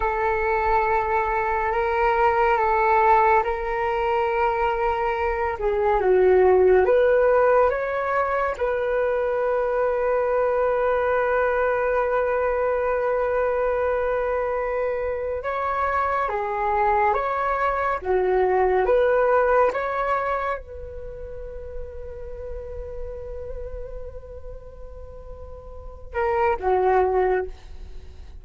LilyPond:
\new Staff \with { instrumentName = "flute" } { \time 4/4 \tempo 4 = 70 a'2 ais'4 a'4 | ais'2~ ais'8 gis'8 fis'4 | b'4 cis''4 b'2~ | b'1~ |
b'2 cis''4 gis'4 | cis''4 fis'4 b'4 cis''4 | b'1~ | b'2~ b'8 ais'8 fis'4 | }